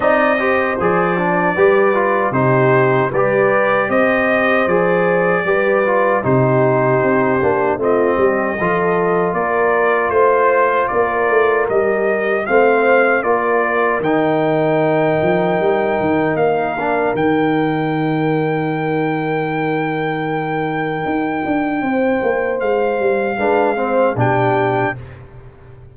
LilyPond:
<<
  \new Staff \with { instrumentName = "trumpet" } { \time 4/4 \tempo 4 = 77 dis''4 d''2 c''4 | d''4 dis''4 d''2 | c''2 dis''2 | d''4 c''4 d''4 dis''4 |
f''4 d''4 g''2~ | g''4 f''4 g''2~ | g''1~ | g''4 f''2 g''4 | }
  \new Staff \with { instrumentName = "horn" } { \time 4/4 d''8 c''4. b'4 g'4 | b'4 c''2 b'4 | g'2 f'8 g'8 a'4 | ais'4 c''4 ais'2 |
c''4 ais'2.~ | ais'1~ | ais'1 | c''2 b'8 c''8 g'4 | }
  \new Staff \with { instrumentName = "trombone" } { \time 4/4 dis'8 g'8 gis'8 d'8 g'8 f'8 dis'4 | g'2 gis'4 g'8 f'8 | dis'4. d'8 c'4 f'4~ | f'2. g'4 |
c'4 f'4 dis'2~ | dis'4. d'8 dis'2~ | dis'1~ | dis'2 d'8 c'8 d'4 | }
  \new Staff \with { instrumentName = "tuba" } { \time 4/4 c'4 f4 g4 c4 | g4 c'4 f4 g4 | c4 c'8 ais8 a8 g8 f4 | ais4 a4 ais8 a8 g4 |
a4 ais4 dis4. f8 | g8 dis8 ais4 dis2~ | dis2. dis'8 d'8 | c'8 ais8 gis8 g8 gis4 b,4 | }
>>